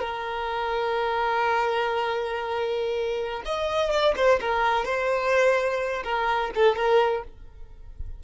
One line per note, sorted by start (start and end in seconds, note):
0.00 3.43 A#4
3.46 3.91 D#5
3.91 4.14 D5
4.16 4.40 C5
4.40 4.85 A#4
4.85 6.03 C5
6.04 6.51 A#4
6.55 6.76 A4
6.76 7.23 A#4